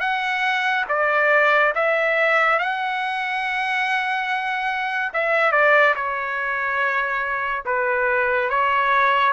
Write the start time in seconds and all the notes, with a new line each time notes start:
0.00 F#5
0.89 D5
1.75 E5
2.59 F#5
5.13 E5
5.52 D5
5.95 C#5
7.65 B4
8.49 C#5